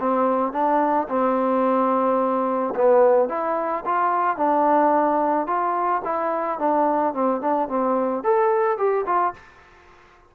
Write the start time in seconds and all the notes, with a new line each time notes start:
0.00 C4
0.53 D4
1.09 C4
2.76 B3
3.29 E4
3.86 F4
4.37 D4
5.47 F4
6.05 E4
6.59 D4
7.14 C4
7.42 D4
7.69 C4
8.24 A4
8.78 G4
9.06 F4